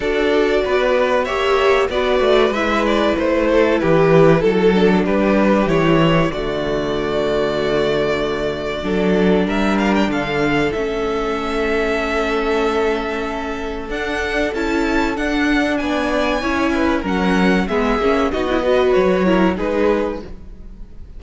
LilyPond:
<<
  \new Staff \with { instrumentName = "violin" } { \time 4/4 \tempo 4 = 95 d''2 e''4 d''4 | e''8 d''8 c''4 b'4 a'4 | b'4 cis''4 d''2~ | d''2. e''8 f''16 g''16 |
f''4 e''2.~ | e''2 fis''4 a''4 | fis''4 gis''2 fis''4 | e''4 dis''4 cis''4 b'4 | }
  \new Staff \with { instrumentName = "violin" } { \time 4/4 a'4 b'4 cis''4 b'4~ | b'4. a'8 g'4 a'4 | g'2 fis'2~ | fis'2 a'4 ais'4 |
a'1~ | a'1~ | a'4 d''4 cis''8 b'8 ais'4 | gis'4 fis'8 b'4 ais'8 gis'4 | }
  \new Staff \with { instrumentName = "viola" } { \time 4/4 fis'2 g'4 fis'4 | e'2.~ e'8 d'8~ | d'4 e'4 a2~ | a2 d'2~ |
d'4 cis'2.~ | cis'2 d'4 e'4 | d'2 e'4 cis'4 | b8 cis'8 dis'16 e'16 fis'4 e'8 dis'4 | }
  \new Staff \with { instrumentName = "cello" } { \time 4/4 d'4 b4 ais4 b8 a8 | gis4 a4 e4 fis4 | g4 e4 d2~ | d2 fis4 g4 |
d4 a2.~ | a2 d'4 cis'4 | d'4 b4 cis'4 fis4 | gis8 ais8 b4 fis4 gis4 | }
>>